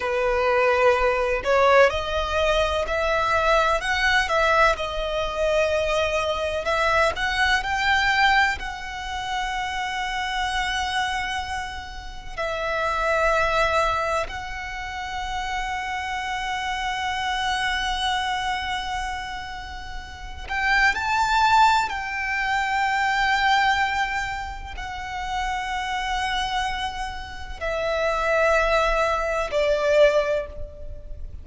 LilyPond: \new Staff \with { instrumentName = "violin" } { \time 4/4 \tempo 4 = 63 b'4. cis''8 dis''4 e''4 | fis''8 e''8 dis''2 e''8 fis''8 | g''4 fis''2.~ | fis''4 e''2 fis''4~ |
fis''1~ | fis''4. g''8 a''4 g''4~ | g''2 fis''2~ | fis''4 e''2 d''4 | }